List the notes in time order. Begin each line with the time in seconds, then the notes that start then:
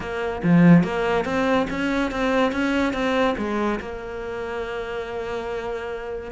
0.00 A#3
0.43 F3
0.83 A#3
1.25 C4
1.70 C#4
2.11 C4
2.52 C#4
2.93 C4
3.37 G#3
3.80 A#3